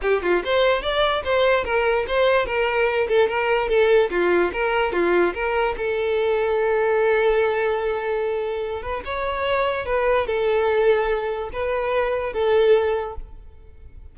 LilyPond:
\new Staff \with { instrumentName = "violin" } { \time 4/4 \tempo 4 = 146 g'8 f'8 c''4 d''4 c''4 | ais'4 c''4 ais'4. a'8 | ais'4 a'4 f'4 ais'4 | f'4 ais'4 a'2~ |
a'1~ | a'4. b'8 cis''2 | b'4 a'2. | b'2 a'2 | }